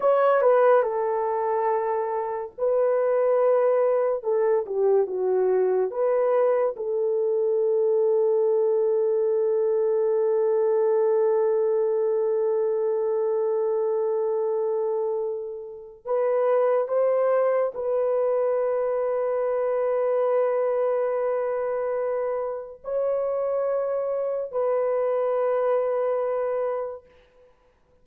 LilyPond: \new Staff \with { instrumentName = "horn" } { \time 4/4 \tempo 4 = 71 cis''8 b'8 a'2 b'4~ | b'4 a'8 g'8 fis'4 b'4 | a'1~ | a'1~ |
a'2. b'4 | c''4 b'2.~ | b'2. cis''4~ | cis''4 b'2. | }